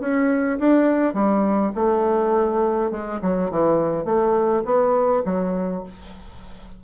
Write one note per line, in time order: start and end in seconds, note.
0.00 0.58 C#4
0.59 1.14 D4
1.14 1.72 G3
1.75 2.90 A3
2.90 3.20 G#3
3.21 3.50 F#3
3.50 4.05 E3
4.05 4.63 A3
4.65 5.23 B3
5.25 5.83 F#3